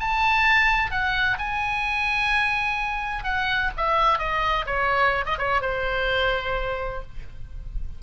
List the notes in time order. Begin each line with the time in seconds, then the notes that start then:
0.00 A5
0.91 F#5
1.38 G#5
3.24 F#5
3.77 E5
4.19 D#5
4.66 C#5
5.26 D#5
5.38 C#5
5.61 C5